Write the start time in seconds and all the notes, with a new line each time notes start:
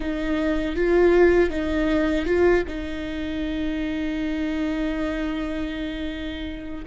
0.00 D#4
0.75 F4
1.49 D#4
2.25 F4
2.67 D#4